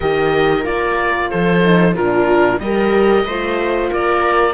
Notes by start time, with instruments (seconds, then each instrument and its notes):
0.00 cello D#3, horn G4, viola A#4, oboe D#5
0.63 cello A#3, horn F4, oboe D5
1.30 cello F3, viola A4, oboe C5
1.64 horn D#4
1.94 cello A#2, horn D4, viola F4, oboe A#4
2.59 cello G3, horn G4, viola A#4, oboe D#5
3.24 cello A3, horn F4, viola C5
3.90 cello A#3, viola A#4, oboe D5